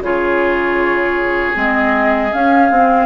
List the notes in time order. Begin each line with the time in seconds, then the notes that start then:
0.00 C#3 F4 G#4 C#5
1.54 G#3 C4 D#5
2.32 C#4 F5
2.70 C4